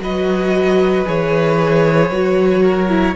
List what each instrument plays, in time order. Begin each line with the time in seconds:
0.00 cello F#3, viola F#4, violin B4 D#5
1.05 cello E3, viola G#4, violin C#5
2.11 cello F#3, viola F#4
2.63 violin A#4
2.89 viola E4